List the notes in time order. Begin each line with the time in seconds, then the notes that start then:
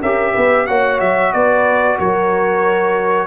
0.00 C#4 G4 A#4 E5
0.33 B3 B4
0.67 A#3 F#4 C#5 F#5
1.00 F#3 E5
1.32 B3 B4 D5
1.98 F#3 A#4 C#5